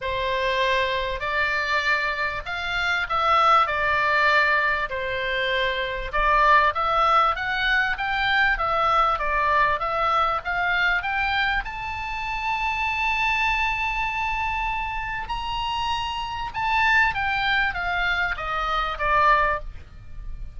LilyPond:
\new Staff \with { instrumentName = "oboe" } { \time 4/4 \tempo 4 = 98 c''2 d''2 | f''4 e''4 d''2 | c''2 d''4 e''4 | fis''4 g''4 e''4 d''4 |
e''4 f''4 g''4 a''4~ | a''1~ | a''4 ais''2 a''4 | g''4 f''4 dis''4 d''4 | }